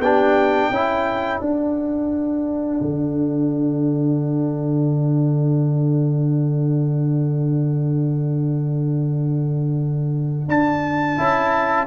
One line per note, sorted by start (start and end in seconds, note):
0.00 0.70 B3
0.00 0.74 D4
0.00 0.72 G4
0.00 1.41 G5
0.71 1.41 C#4
0.71 1.43 E4
0.71 11.87 A4
1.41 2.81 D4
1.41 11.18 D4
1.41 10.48 F#5
2.82 10.49 D3
10.49 11.18 D4
10.49 11.87 A5
11.18 11.87 C#4
11.18 11.87 E4